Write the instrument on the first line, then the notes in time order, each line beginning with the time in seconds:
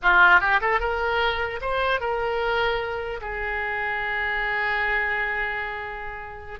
oboe
0.02 F4
0.40 G4
0.61 A4
0.79 A#4
1.61 C5
2.00 A#4
3.21 G#4